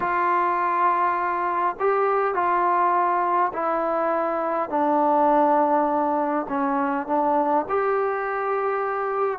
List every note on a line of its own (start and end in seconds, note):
0.00 1.75 F4
1.79 2.34 G4
2.34 3.51 F4
3.53 4.69 E4
4.69 6.46 D4
6.48 7.06 C#4
7.06 7.65 D4
7.68 9.39 G4